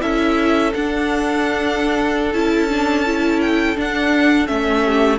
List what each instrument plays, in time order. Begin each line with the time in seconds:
0.00 cello C#4, viola E4, violin A4 E5
0.74 cello D4, viola D4, violin F#5
2.33 cello C#4, viola E4, violin A5
2.69 viola D4
3.06 viola E4
3.41 violin G5
3.76 viola D4, cello D4, violin F#5
4.46 cello A3, viola C#4, violin E5
4.83 violin G4